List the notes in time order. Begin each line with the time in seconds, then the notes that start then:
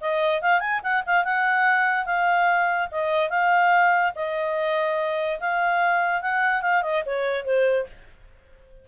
0.00 D#5
0.41 F5
0.60 G#5
0.83 F#5
1.06 F5
1.24 F#5
2.05 F5
2.91 D#5
3.29 F5
4.15 D#5
5.40 F5
6.21 F#5
6.62 F5
6.82 D#5
7.05 C#5
7.45 C5